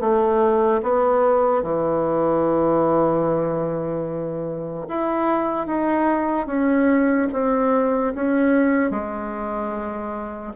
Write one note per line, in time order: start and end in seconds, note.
0.00 0.81 A3
0.82 1.63 B3
1.63 4.87 E3
4.88 5.66 E4
5.66 6.46 D#4
6.46 7.28 C#4
7.32 8.13 C4
8.14 8.90 C#4
8.90 10.53 G#3